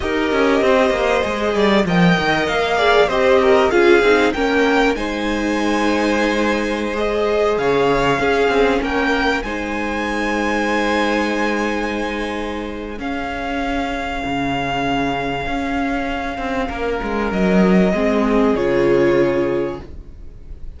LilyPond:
<<
  \new Staff \with { instrumentName = "violin" } { \time 4/4 \tempo 4 = 97 dis''2. g''4 | f''4 dis''4 f''4 g''4 | gis''2.~ gis''16 dis''8.~ | dis''16 f''2 g''4 gis''8.~ |
gis''1~ | gis''4 f''2.~ | f''1 | dis''2 cis''2 | }
  \new Staff \with { instrumentName = "violin" } { \time 4/4 ais'4 c''4. d''8 dis''4~ | dis''8 d''8 c''8 ais'8 gis'4 ais'4 | c''1~ | c''16 cis''4 gis'4 ais'4 c''8.~ |
c''1~ | c''4 gis'2.~ | gis'2. ais'4~ | ais'4 gis'2. | }
  \new Staff \with { instrumentName = "viola" } { \time 4/4 g'2 gis'4 ais'4~ | ais'8 gis'8 g'4 f'8 dis'8 cis'4 | dis'2.~ dis'16 gis'8.~ | gis'4~ gis'16 cis'2 dis'8.~ |
dis'1~ | dis'4 cis'2.~ | cis'1~ | cis'4 c'4 f'2 | }
  \new Staff \with { instrumentName = "cello" } { \time 4/4 dis'8 cis'8 c'8 ais8 gis8 g8 f8 dis8 | ais4 c'4 cis'8 c'8 ais4 | gis1~ | gis16 cis4 cis'8 c'8 ais4 gis8.~ |
gis1~ | gis4 cis'2 cis4~ | cis4 cis'4. c'8 ais8 gis8 | fis4 gis4 cis2 | }
>>